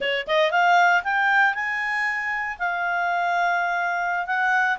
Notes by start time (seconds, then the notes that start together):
0.00 C#5
0.27 D#5
0.51 F5
1.03 G5
1.54 G#5
2.58 F5
4.26 F#5